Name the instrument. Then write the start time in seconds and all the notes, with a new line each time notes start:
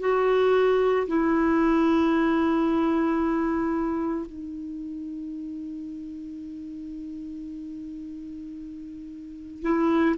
clarinet
0.00 F#4
1.08 E4
4.26 D#4
9.62 E4